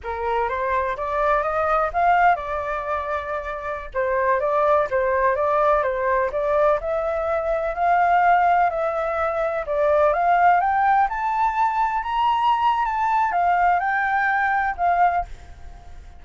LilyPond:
\new Staff \with { instrumentName = "flute" } { \time 4/4 \tempo 4 = 126 ais'4 c''4 d''4 dis''4 | f''4 d''2.~ | d''16 c''4 d''4 c''4 d''8.~ | d''16 c''4 d''4 e''4.~ e''16~ |
e''16 f''2 e''4.~ e''16~ | e''16 d''4 f''4 g''4 a''8.~ | a''4~ a''16 ais''4.~ ais''16 a''4 | f''4 g''2 f''4 | }